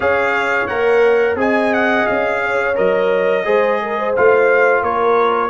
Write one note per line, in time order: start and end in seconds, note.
0.00 0.66 C#4
0.00 0.68 G#4
0.00 1.38 C#5
0.00 0.67 F5
0.67 1.35 A#3
0.67 1.36 A#4
0.67 1.36 F#5
1.35 2.04 C4
1.35 2.74 G#4
1.35 2.42 D#5
1.35 1.73 G#5
1.73 2.06 F#5
2.06 2.78 C#4
2.06 2.75 F5
2.43 3.45 C#5
2.75 3.46 F#3
2.75 3.44 A#4
2.75 4.15 D#5
3.45 4.15 G#3
3.45 4.14 G#4
3.45 3.80 C5
3.82 3.98 A#4
3.98 4.82 C5
4.16 4.81 A3
4.16 5.49 F4
4.16 4.83 F5
4.81 5.49 A#3
4.81 5.49 A#4
4.81 5.49 C#5